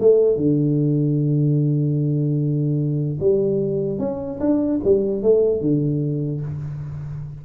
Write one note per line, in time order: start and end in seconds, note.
0.00 0.37 A3
0.37 3.19 D3
3.20 3.99 G3
3.99 4.39 C#4
4.40 4.80 D4
4.84 5.22 G3
5.22 5.61 A3
5.61 6.42 D3